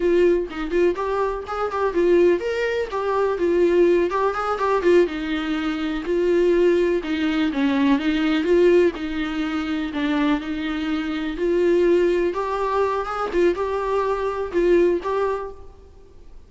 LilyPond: \new Staff \with { instrumentName = "viola" } { \time 4/4 \tempo 4 = 124 f'4 dis'8 f'8 g'4 gis'8 g'8 | f'4 ais'4 g'4 f'4~ | f'8 g'8 gis'8 g'8 f'8 dis'4.~ | dis'8 f'2 dis'4 cis'8~ |
cis'8 dis'4 f'4 dis'4.~ | dis'8 d'4 dis'2 f'8~ | f'4. g'4. gis'8 f'8 | g'2 f'4 g'4 | }